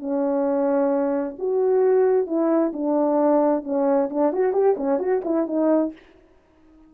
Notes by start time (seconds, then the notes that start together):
0.00 C#4
1.39 F#4
2.27 E4
2.73 D4
3.64 C#4
4.10 D4
4.33 F#4
4.53 G4
4.78 C#4
5.00 F#4
5.25 E4
5.48 D#4